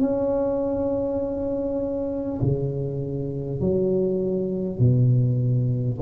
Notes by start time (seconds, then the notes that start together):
0.00 C#4
2.41 C#3
3.61 F#3
4.78 B2